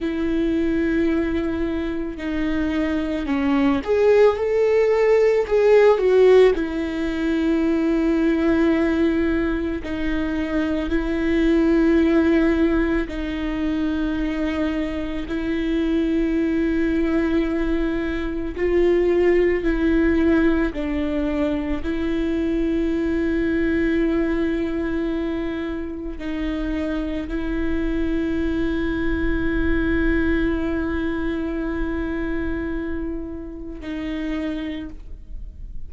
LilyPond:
\new Staff \with { instrumentName = "viola" } { \time 4/4 \tempo 4 = 55 e'2 dis'4 cis'8 gis'8 | a'4 gis'8 fis'8 e'2~ | e'4 dis'4 e'2 | dis'2 e'2~ |
e'4 f'4 e'4 d'4 | e'1 | dis'4 e'2.~ | e'2. dis'4 | }